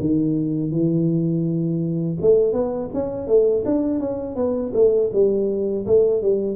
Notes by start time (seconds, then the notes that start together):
0.00 D#3
0.71 E3
2.21 A3
2.53 B3
2.94 C#4
3.27 A3
3.65 D4
4.00 C#4
4.36 B3
4.74 A3
5.13 G3
5.87 A3
6.22 G3